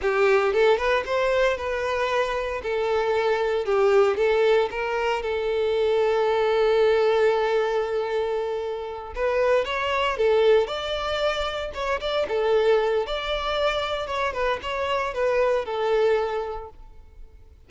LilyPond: \new Staff \with { instrumentName = "violin" } { \time 4/4 \tempo 4 = 115 g'4 a'8 b'8 c''4 b'4~ | b'4 a'2 g'4 | a'4 ais'4 a'2~ | a'1~ |
a'4. b'4 cis''4 a'8~ | a'8 d''2 cis''8 d''8 a'8~ | a'4 d''2 cis''8 b'8 | cis''4 b'4 a'2 | }